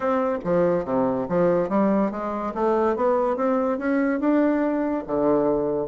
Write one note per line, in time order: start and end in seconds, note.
0.00 0.38 C4
0.44 0.84 F3
0.84 1.26 C3
1.28 1.69 F3
1.69 2.11 G3
2.11 2.53 G#3
2.54 2.95 A3
2.95 3.36 B3
3.36 3.78 C4
3.78 4.20 C#4
4.20 5.03 D4
5.06 5.87 D3